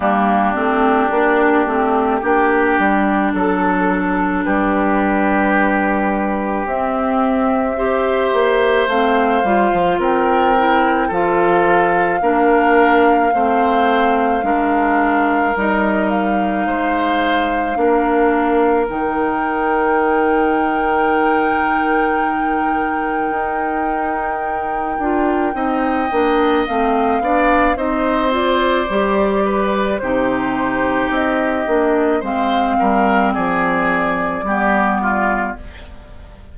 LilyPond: <<
  \new Staff \with { instrumentName = "flute" } { \time 4/4 \tempo 4 = 54 g'2. a'4 | b'2 e''2 | f''4 g''4 f''2~ | f''2 dis''8 f''4.~ |
f''4 g''2.~ | g''1 | f''4 dis''8 d''4. c''4 | dis''4 f''4 d''2 | }
  \new Staff \with { instrumentName = "oboe" } { \time 4/4 d'2 g'4 a'4 | g'2. c''4~ | c''4 ais'4 a'4 ais'4 | c''4 ais'2 c''4 |
ais'1~ | ais'2. dis''4~ | dis''8 d''8 c''4. b'8 g'4~ | g'4 c''8 ais'8 gis'4 g'8 f'8 | }
  \new Staff \with { instrumentName = "clarinet" } { \time 4/4 ais8 c'8 d'8 c'8 d'2~ | d'2 c'4 g'4 | c'8 f'4 e'8 f'4 d'4 | c'4 d'4 dis'2 |
d'4 dis'2.~ | dis'2~ dis'8 f'8 dis'8 d'8 | c'8 d'8 dis'8 f'8 g'4 dis'4~ | dis'8 d'8 c'2 b4 | }
  \new Staff \with { instrumentName = "bassoon" } { \time 4/4 g8 a8 ais8 a8 ais8 g8 fis4 | g2 c'4. ais8 | a8 g16 f16 c'4 f4 ais4 | a4 gis4 g4 gis4 |
ais4 dis2.~ | dis4 dis'4. d'8 c'8 ais8 | a8 b8 c'4 g4 c4 | c'8 ais8 gis8 g8 f4 g4 | }
>>